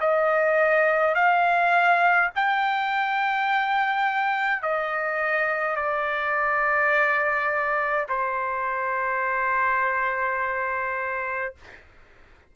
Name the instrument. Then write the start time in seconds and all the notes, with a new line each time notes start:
trumpet
0.00 D#5
1.14 F5
2.35 G5
4.62 D#5
5.76 D5
8.08 C5